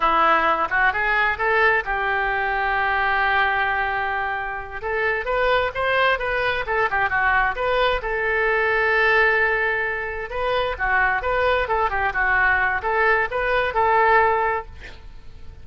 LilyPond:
\new Staff \with { instrumentName = "oboe" } { \time 4/4 \tempo 4 = 131 e'4. fis'8 gis'4 a'4 | g'1~ | g'2~ g'8 a'4 b'8~ | b'8 c''4 b'4 a'8 g'8 fis'8~ |
fis'8 b'4 a'2~ a'8~ | a'2~ a'8 b'4 fis'8~ | fis'8 b'4 a'8 g'8 fis'4. | a'4 b'4 a'2 | }